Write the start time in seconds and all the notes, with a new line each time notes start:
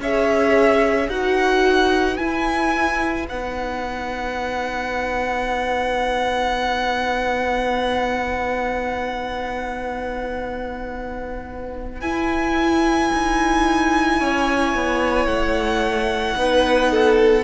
0.00 C#4 G#4 C#5 E5
1.09 D#4 F#4 B4 F#5
2.17 E4 G#5
3.26 B3 D#4 F#5
12.01 E4 G#5
13.14 D#4
14.20 C#4 C#5
14.75 B3
15.26 A3 F#5
16.36 B3 D#4 B4
16.91 A4